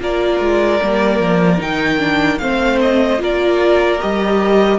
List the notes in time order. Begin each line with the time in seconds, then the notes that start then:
0.00 A#3 F4 A#4 D5
0.40 G#3
0.83 G3 A#3
1.20 F3
1.58 D#3 D#4 G5
1.99 D4
2.39 A3 C4 C5 F5
2.82 D#5
3.18 A#3 F4 A#4 D5
4.00 G3 G4 D#5